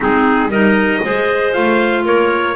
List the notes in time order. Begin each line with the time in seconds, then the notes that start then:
0.00 G#3 C4 D#4 G#4
0.48 G3 D#4 A#4 D#5
1.02 G#3 G#4 C5
1.52 A3 F4 F5
2.04 A#3 A#4 C#5